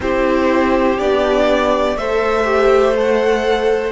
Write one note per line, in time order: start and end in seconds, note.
0.00 0.98 C4
0.00 0.99 E4
0.00 1.98 G4
0.00 0.99 C5
0.99 1.95 B3
0.99 1.98 D4
0.99 1.97 D5
1.95 3.91 A3
1.95 2.44 A4
1.95 3.91 C5
1.95 2.95 E5
2.44 2.93 G4
2.95 3.91 A4
2.95 3.91 F#5